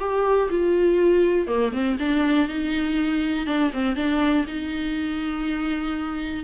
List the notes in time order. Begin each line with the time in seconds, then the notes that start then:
0.00 G4
0.50 F4
1.47 A#3
1.73 C4
1.99 D4
2.49 D#4
3.47 D4
3.74 C4
3.96 D4
4.48 D#4